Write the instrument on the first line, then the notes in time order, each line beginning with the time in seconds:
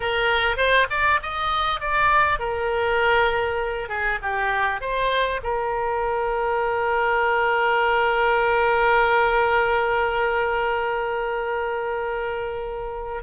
oboe
0.00 A#4
0.56 C5
0.90 D5
1.22 D#5
1.80 D5
2.39 A#4
3.88 G#4
4.22 G4
4.80 C5
5.43 A#4